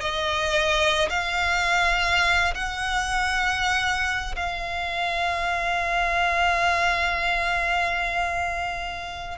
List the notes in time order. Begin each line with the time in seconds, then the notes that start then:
0.00 D#5
1.09 F5
2.54 F#5
4.35 F5